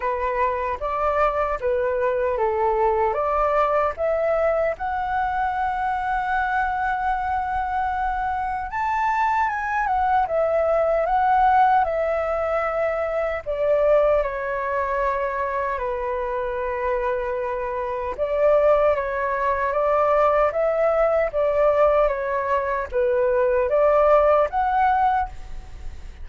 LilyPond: \new Staff \with { instrumentName = "flute" } { \time 4/4 \tempo 4 = 76 b'4 d''4 b'4 a'4 | d''4 e''4 fis''2~ | fis''2. a''4 | gis''8 fis''8 e''4 fis''4 e''4~ |
e''4 d''4 cis''2 | b'2. d''4 | cis''4 d''4 e''4 d''4 | cis''4 b'4 d''4 fis''4 | }